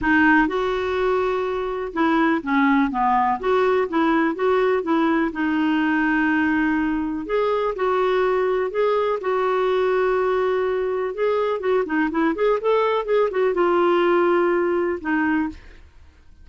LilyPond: \new Staff \with { instrumentName = "clarinet" } { \time 4/4 \tempo 4 = 124 dis'4 fis'2. | e'4 cis'4 b4 fis'4 | e'4 fis'4 e'4 dis'4~ | dis'2. gis'4 |
fis'2 gis'4 fis'4~ | fis'2. gis'4 | fis'8 dis'8 e'8 gis'8 a'4 gis'8 fis'8 | f'2. dis'4 | }